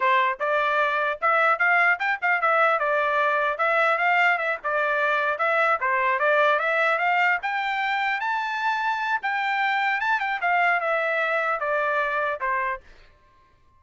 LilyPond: \new Staff \with { instrumentName = "trumpet" } { \time 4/4 \tempo 4 = 150 c''4 d''2 e''4 | f''4 g''8 f''8 e''4 d''4~ | d''4 e''4 f''4 e''8 d''8~ | d''4. e''4 c''4 d''8~ |
d''8 e''4 f''4 g''4.~ | g''8 a''2~ a''8 g''4~ | g''4 a''8 g''8 f''4 e''4~ | e''4 d''2 c''4 | }